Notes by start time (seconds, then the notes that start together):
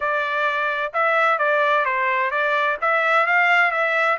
0.00 D5
0.93 E5
1.38 D5
1.85 C5
2.30 D5
2.81 E5
3.26 F5
3.71 E5